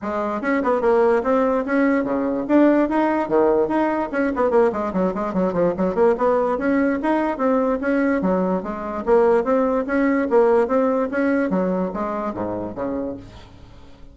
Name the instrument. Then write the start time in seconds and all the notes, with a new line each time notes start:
bassoon
0.01 G#3
0.41 C#4
0.63 B3
0.81 A#3
1.23 C4
1.65 C#4
2.04 C#3
2.48 D4
2.89 D#4
3.28 D#3
3.68 D#4
4.12 C#4
4.35 B3
4.50 A#3
4.72 G#3
4.93 F#3
5.14 G#3
5.33 F#3
5.53 F3
5.77 F#3
5.94 A#3
6.17 B3
6.58 C#4
7.02 D#4
7.37 C4
7.80 C#4
8.21 F#3
8.63 G#3
9.05 A#3
9.44 C4
9.86 C#4
10.29 A#3
10.67 C4
11.11 C#4
11.50 F#3
11.93 G#3
12.34 G#2
12.75 C#3